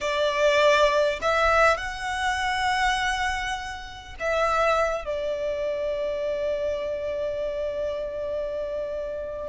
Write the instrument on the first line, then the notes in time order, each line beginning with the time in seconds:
violin
0.00 D5
1.21 E5
1.77 F#5
4.19 E5
5.04 D5